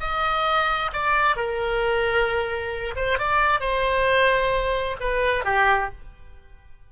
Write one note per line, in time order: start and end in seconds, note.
0.00 0.91 D#5
0.93 1.36 D5
1.36 2.95 A#4
2.96 3.18 C5
3.19 3.60 D5
3.60 4.97 C5
5.00 5.45 B4
5.45 5.90 G4